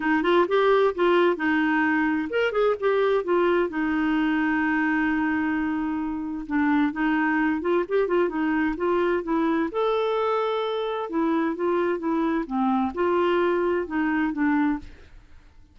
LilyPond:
\new Staff \with { instrumentName = "clarinet" } { \time 4/4 \tempo 4 = 130 dis'8 f'8 g'4 f'4 dis'4~ | dis'4 ais'8 gis'8 g'4 f'4 | dis'1~ | dis'2 d'4 dis'4~ |
dis'8 f'8 g'8 f'8 dis'4 f'4 | e'4 a'2. | e'4 f'4 e'4 c'4 | f'2 dis'4 d'4 | }